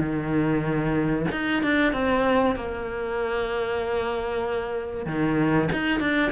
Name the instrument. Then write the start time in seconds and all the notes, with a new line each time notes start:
cello
0.00 D#3
1.32 D#4
1.63 D4
1.93 C4
2.56 A#3
5.06 D#3
5.73 D#4
6.00 D4